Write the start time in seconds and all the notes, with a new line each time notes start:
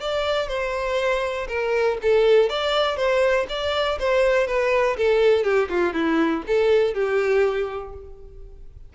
0.00 D5
0.48 C5
1.48 A#4
2.02 A4
2.49 D5
2.96 C5
3.49 D5
3.99 C5
4.47 B4
4.97 A4
5.44 G4
5.70 F4
5.93 E4
6.47 A4
6.94 G4